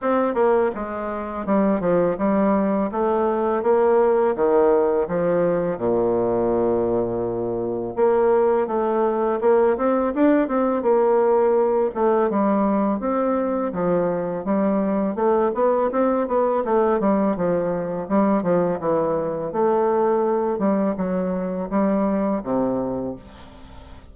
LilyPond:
\new Staff \with { instrumentName = "bassoon" } { \time 4/4 \tempo 4 = 83 c'8 ais8 gis4 g8 f8 g4 | a4 ais4 dis4 f4 | ais,2. ais4 | a4 ais8 c'8 d'8 c'8 ais4~ |
ais8 a8 g4 c'4 f4 | g4 a8 b8 c'8 b8 a8 g8 | f4 g8 f8 e4 a4~ | a8 g8 fis4 g4 c4 | }